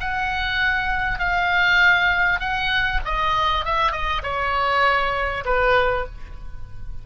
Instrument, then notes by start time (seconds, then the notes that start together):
oboe
0.00 F#5
1.19 F5
2.40 F#5
3.05 D#5
3.65 E5
3.91 D#5
4.23 C#5
5.45 B4